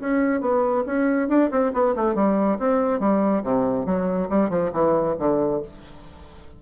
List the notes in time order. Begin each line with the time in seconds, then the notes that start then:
0.00 C#4
0.41 B3
0.86 C#4
1.29 D4
1.51 C4
1.73 B3
1.96 A3
2.15 G3
2.59 C4
3.00 G3
3.43 C3
3.86 F#3
4.29 G3
4.50 F3
4.72 E3
5.19 D3